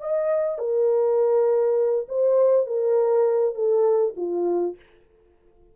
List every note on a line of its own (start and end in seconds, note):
0.00 0.58 D#5
0.58 2.07 A#4
2.08 2.66 C5
2.66 3.55 A#4
3.55 4.14 A4
4.16 4.76 F4